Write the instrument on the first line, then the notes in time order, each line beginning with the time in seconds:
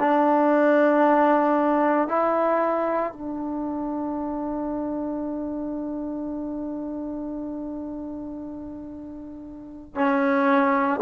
trombone
0.00 D4
2.08 E4
3.13 D4
9.95 C#4